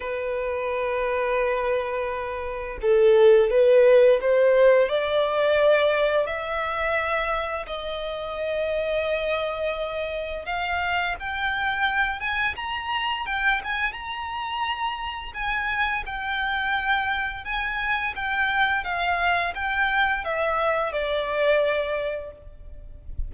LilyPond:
\new Staff \with { instrumentName = "violin" } { \time 4/4 \tempo 4 = 86 b'1 | a'4 b'4 c''4 d''4~ | d''4 e''2 dis''4~ | dis''2. f''4 |
g''4. gis''8 ais''4 g''8 gis''8 | ais''2 gis''4 g''4~ | g''4 gis''4 g''4 f''4 | g''4 e''4 d''2 | }